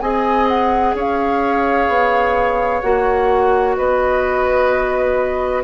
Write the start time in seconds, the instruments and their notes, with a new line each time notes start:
0.00 bassoon C4, clarinet G#4, oboe D#5, flute G#5
0.48 flute F#5
0.94 bassoon C#4, oboe C#5, flute F5
1.88 bassoon B3
2.81 bassoon A#3, clarinet F#4, flute F#5
3.76 bassoon B3, oboe B4, flute D#5